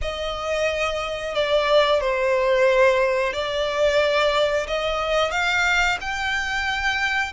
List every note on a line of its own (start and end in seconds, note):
0.01 1.34 D#5
1.34 2.00 D5
2.00 3.33 C5
3.33 4.66 D5
4.67 5.31 D#5
5.31 5.98 F5
6.00 7.32 G5